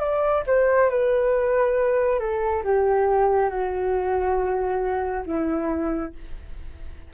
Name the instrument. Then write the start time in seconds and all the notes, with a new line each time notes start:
flute
0.00 D5
0.47 C5
0.90 B4
2.20 A4
2.64 G4
3.50 F#4
5.26 E4